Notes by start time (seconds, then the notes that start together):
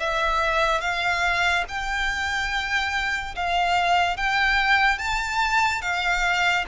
0.00 E5
0.81 F5
1.69 G5
3.36 F5
4.17 G5
4.99 A5
5.82 F5